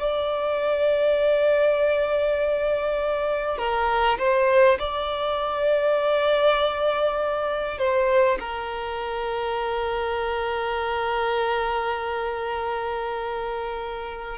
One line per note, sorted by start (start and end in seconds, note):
0.00 3.58 D5
3.58 4.18 A#4
4.18 4.78 C5
4.79 7.79 D5
7.79 8.39 C5
8.40 14.38 A#4